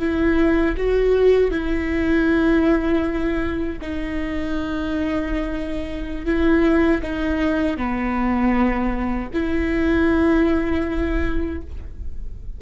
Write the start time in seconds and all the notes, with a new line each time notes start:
0.00 E4
0.77 F#4
1.52 E4
3.82 D#4
6.26 E4
7.03 D#4
7.77 B3
9.34 E4